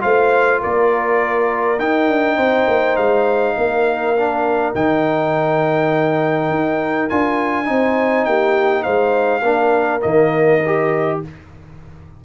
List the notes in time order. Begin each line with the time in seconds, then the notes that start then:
0.00 A3 F4 C5 F5
0.60 A#3 A#4 D5
1.79 D#4 G5
2.08 D4
2.36 C4 C5
2.67 A#3
2.96 G#3 F5
3.57 A#3 A#4
4.17 D4
4.75 D#3 D#4 G5
6.49 D#4
7.09 D4 F4 G#5
7.64 C4 D#4 C5
8.25 A#3 G4 G5
8.83 G#3 C5 F5
9.42 A#3 D4 A#4
10.00 D#3 A#3 D#5
10.65 G4